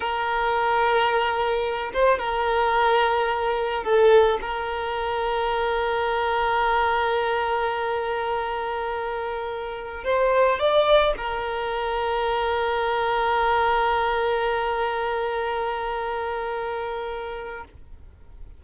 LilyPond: \new Staff \with { instrumentName = "violin" } { \time 4/4 \tempo 4 = 109 ais'2.~ ais'8 c''8 | ais'2. a'4 | ais'1~ | ais'1~ |
ais'2~ ais'16 c''4 d''8.~ | d''16 ais'2.~ ais'8.~ | ais'1~ | ais'1 | }